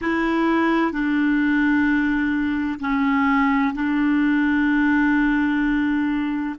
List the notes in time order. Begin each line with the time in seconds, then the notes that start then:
0.01 E4
0.92 D4
2.80 C#4
3.74 D4